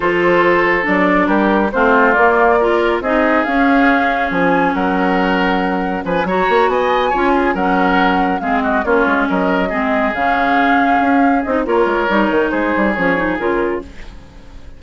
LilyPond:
<<
  \new Staff \with { instrumentName = "flute" } { \time 4/4 \tempo 4 = 139 c''2 d''4 ais'4 | c''4 d''2 dis''4 | f''2 gis''4 fis''4~ | fis''2 gis''8 ais''4 gis''8~ |
gis''4. fis''2 f''8 | dis''8 cis''4 dis''2 f''8~ | f''2~ f''8 dis''8 cis''4~ | cis''4 c''4 cis''4 ais'4 | }
  \new Staff \with { instrumentName = "oboe" } { \time 4/4 a'2. g'4 | f'2 ais'4 gis'4~ | gis'2. ais'4~ | ais'2 b'8 cis''4 dis''8~ |
dis''8 cis''8 gis'8 ais'2 gis'8 | fis'8 f'4 ais'4 gis'4.~ | gis'2. ais'4~ | ais'4 gis'2. | }
  \new Staff \with { instrumentName = "clarinet" } { \time 4/4 f'2 d'2 | c'4 ais4 f'4 dis'4 | cis'1~ | cis'2~ cis'8 fis'4.~ |
fis'8 f'4 cis'2 c'8~ | c'8 cis'2 c'4 cis'8~ | cis'2~ cis'8 dis'8 f'4 | dis'2 cis'8 dis'8 f'4 | }
  \new Staff \with { instrumentName = "bassoon" } { \time 4/4 f2 fis4 g4 | a4 ais2 c'4 | cis'2 f4 fis4~ | fis2 f8 fis8 ais8 b8~ |
b8 cis'4 fis2 gis8~ | gis8 ais8 gis8 fis4 gis4 cis8~ | cis4. cis'4 c'8 ais8 gis8 | g8 dis8 gis8 g8 f4 cis4 | }
>>